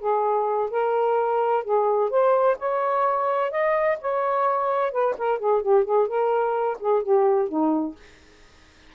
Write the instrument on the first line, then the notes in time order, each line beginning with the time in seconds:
saxophone
0.00 G#4
0.71 A#4
1.64 G#4
2.10 C5
2.59 C#5
3.51 D#5
4.01 C#5
4.92 B4
5.18 A#4
5.39 G#4
5.62 G4
5.85 G#4
6.08 A#4
6.80 G#4
7.03 G4
7.49 D#4